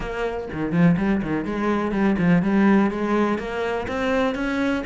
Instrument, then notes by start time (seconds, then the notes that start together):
cello
0.00 A#3
0.52 D#3
0.71 F3
0.97 G3
1.22 D#3
1.45 G#3
1.91 G3
2.18 F3
2.42 G3
2.91 G#3
3.38 A#3
3.87 C4
4.34 C#4